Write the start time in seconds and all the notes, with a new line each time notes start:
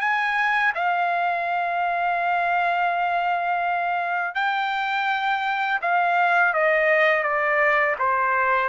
0.00 G#5
0.75 F5
4.35 G5
5.82 F5
6.54 D#5
7.23 D5
7.98 C5